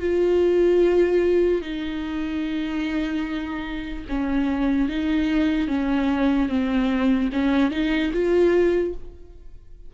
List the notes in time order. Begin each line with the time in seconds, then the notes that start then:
0.00 F4
1.61 D#4
4.09 C#4
4.89 D#4
5.68 C#4
6.49 C4
7.32 C#4
7.71 D#4
8.13 F4